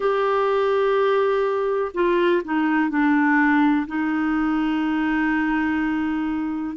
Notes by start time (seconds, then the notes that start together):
0.00 G4
1.94 F4
2.44 D#4
2.89 D4
3.87 D#4